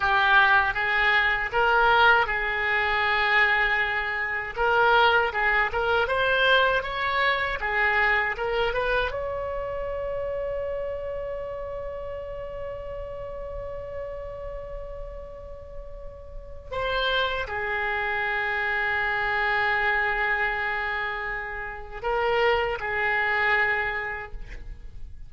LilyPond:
\new Staff \with { instrumentName = "oboe" } { \time 4/4 \tempo 4 = 79 g'4 gis'4 ais'4 gis'4~ | gis'2 ais'4 gis'8 ais'8 | c''4 cis''4 gis'4 ais'8 b'8 | cis''1~ |
cis''1~ | cis''2 c''4 gis'4~ | gis'1~ | gis'4 ais'4 gis'2 | }